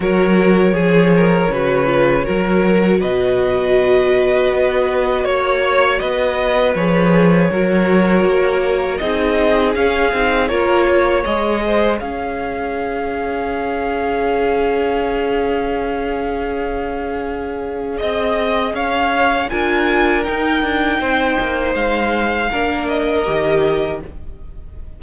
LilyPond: <<
  \new Staff \with { instrumentName = "violin" } { \time 4/4 \tempo 4 = 80 cis''1 | dis''2. cis''4 | dis''4 cis''2. | dis''4 f''4 cis''4 dis''4 |
f''1~ | f''1 | dis''4 f''4 gis''4 g''4~ | g''4 f''4. dis''4. | }
  \new Staff \with { instrumentName = "violin" } { \time 4/4 ais'4 gis'8 ais'8 b'4 ais'4 | b'2. cis''4 | b'2 ais'2 | gis'2 ais'8 cis''4 c''8 |
cis''1~ | cis''1 | dis''4 cis''4 ais'2 | c''2 ais'2 | }
  \new Staff \with { instrumentName = "viola" } { \time 4/4 fis'4 gis'4 fis'8 f'8 fis'4~ | fis'1~ | fis'4 gis'4 fis'2 | dis'4 cis'8 dis'8 f'4 gis'4~ |
gis'1~ | gis'1~ | gis'2 f'4 dis'4~ | dis'2 d'4 g'4 | }
  \new Staff \with { instrumentName = "cello" } { \time 4/4 fis4 f4 cis4 fis4 | b,2 b4 ais4 | b4 f4 fis4 ais4 | c'4 cis'8 c'8 ais4 gis4 |
cis'1~ | cis'1 | c'4 cis'4 d'4 dis'8 d'8 | c'8 ais8 gis4 ais4 dis4 | }
>>